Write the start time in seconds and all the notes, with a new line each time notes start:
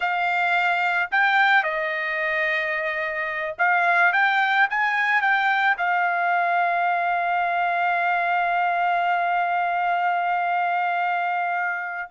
0.00 F5
1.11 G5
1.63 D#5
3.58 F5
4.12 G5
4.70 G#5
5.21 G5
5.77 F5